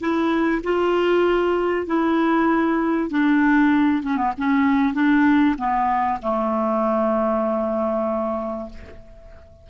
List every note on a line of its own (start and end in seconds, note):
0.00 0.62 E4
0.63 1.87 F4
1.87 3.10 E4
3.10 4.03 D4
4.03 4.17 C#4
4.17 4.32 B3
4.38 4.94 C#4
4.94 5.56 D4
5.58 6.19 B3
6.22 8.70 A3